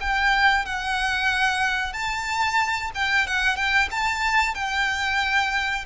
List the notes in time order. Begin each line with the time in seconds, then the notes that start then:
0.00 G5
0.65 F#5
1.93 A5
2.94 G5
3.27 F#5
3.56 G5
3.91 A5
4.54 G5